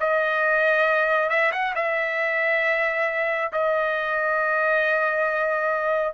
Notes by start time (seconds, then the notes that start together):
0.00 D#5
1.30 E5
1.52 F#5
1.75 E5
3.53 D#5